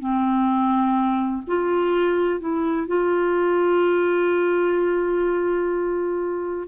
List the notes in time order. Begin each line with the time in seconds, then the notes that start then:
0.00 C4
1.48 F4
2.40 E4
2.87 F4